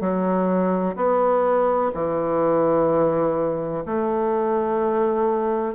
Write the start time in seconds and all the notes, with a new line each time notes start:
0.00 F#3
0.96 B3
1.94 E3
3.85 A3